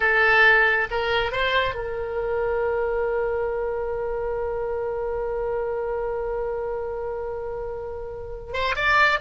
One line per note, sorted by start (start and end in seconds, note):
0.00 0.87 A4
0.90 1.32 A#4
1.32 1.74 C5
1.74 8.53 A#4
8.53 8.75 C5
8.75 9.19 D5